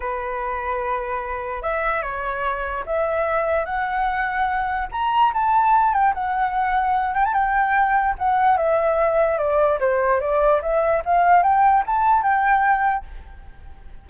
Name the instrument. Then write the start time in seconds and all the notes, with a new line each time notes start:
flute
0.00 B4
1.62 E5
2.02 C#5
2.86 E5
3.65 F#5
4.91 A#5
5.33 A5
5.93 G5
6.14 F#5
7.14 G5
7.24 A5
7.33 G5
8.18 F#5
8.57 E5
9.38 D5
9.80 C5
10.20 D5
10.62 E5
11.05 F5
11.42 G5
11.86 A5
12.22 G5